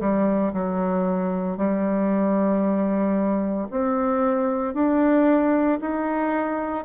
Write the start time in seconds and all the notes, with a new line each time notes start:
0.00 G3
0.53 F#3
1.57 G3
3.71 C4
4.74 D4
5.80 D#4